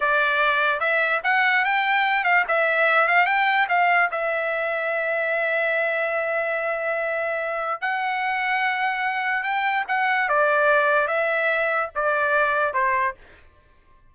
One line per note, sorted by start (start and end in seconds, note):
0.00 0.79 D5
0.79 1.20 E5
1.23 1.64 F#5
1.65 2.24 G5
2.24 2.44 F5
2.48 3.07 E5
3.07 3.26 F5
3.26 3.67 G5
3.68 4.09 F5
4.11 7.81 E5
7.81 9.43 F#5
9.43 9.84 G5
9.87 10.28 F#5
10.28 11.07 D5
11.07 11.89 E5
11.95 12.73 D5
12.73 13.15 C5